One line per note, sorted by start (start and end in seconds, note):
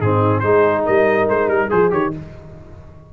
0.00 0.42 G#2
0.00 0.43 C4
0.00 0.44 D#4
0.00 0.39 G#4
0.39 0.84 G#3
0.39 1.69 D#4
0.39 0.85 G#4
0.39 0.82 C5
0.85 1.29 G3
0.85 1.66 A#4
0.85 1.28 D#5
1.29 1.47 G#3
1.29 1.49 C5
1.47 1.68 G3
1.47 1.70 A#4
1.66 1.92 F3
1.66 2.09 G#4
1.66 1.90 G#4
1.66 1.91 C5
1.90 2.13 D#3
1.90 2.11 G4
1.90 2.13 C#5